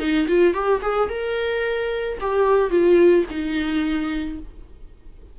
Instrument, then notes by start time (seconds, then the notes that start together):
viola
0.00 D#4
0.28 F4
0.54 G4
0.83 G#4
1.10 A#4
2.21 G4
2.71 F4
3.30 D#4